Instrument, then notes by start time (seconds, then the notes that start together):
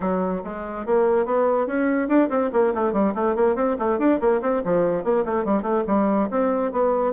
bassoon
0.00 F#3
0.43 G#3
0.86 A#3
1.25 B3
1.66 C#4
2.08 D4
2.29 C4
2.52 A#3
2.74 A3
2.92 G3
3.14 A3
3.35 A#3
3.55 C4
3.79 A3
3.98 D4
4.20 A#3
4.41 C4
4.64 F3
5.03 A#3
5.25 A3
5.45 G3
5.62 A3
5.87 G3
6.30 C4
6.72 B3